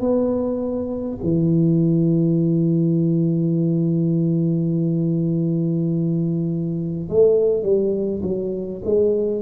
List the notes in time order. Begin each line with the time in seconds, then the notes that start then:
0.00 B3
1.22 E3
7.09 A3
7.63 G3
8.22 F#3
8.84 G#3